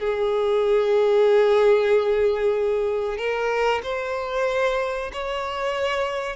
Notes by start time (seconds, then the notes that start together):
0.00 G#4
3.18 A#4
3.83 C5
5.13 C#5